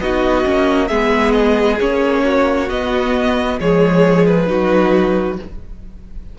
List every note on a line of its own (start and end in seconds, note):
0.00 0.45 B3
0.00 0.45 D#4
0.00 0.89 F#4
0.00 0.88 D#5
0.45 0.91 A#3
0.45 0.90 C#4
0.88 1.80 G#3
0.88 1.79 B3
0.88 2.23 G#4
0.88 1.32 E5
1.32 1.77 D#5
1.80 2.70 A#3
1.80 2.69 C#4
1.80 2.70 C#5
2.24 3.59 F#4
2.70 3.60 B3
2.70 3.60 D#5
3.60 4.49 F3
3.60 4.47 G#3
3.60 4.49 G#4
3.60 4.27 C#5
4.27 5.39 B4
4.47 5.39 F#3
4.47 5.37 D#4
4.47 5.39 F#4